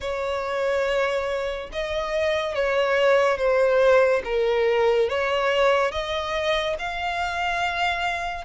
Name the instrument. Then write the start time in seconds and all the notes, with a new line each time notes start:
violin
0.00 C#5
1.72 D#5
2.54 C#5
3.37 C5
4.24 A#4
5.09 C#5
5.91 D#5
6.78 F5